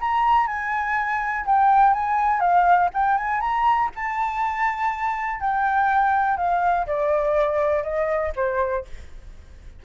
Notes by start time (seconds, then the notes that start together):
0.00 A#5
0.47 G#5
1.46 G5
1.93 G#5
2.40 F5
2.94 G5
3.17 G#5
3.41 A#5
3.95 A5
5.40 G5
6.37 F5
6.87 D5
7.83 D#5
8.36 C5